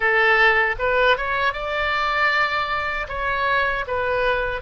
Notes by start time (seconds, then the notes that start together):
0.00 A4
0.79 B4
1.17 C#5
1.53 D5
3.08 C#5
3.87 B4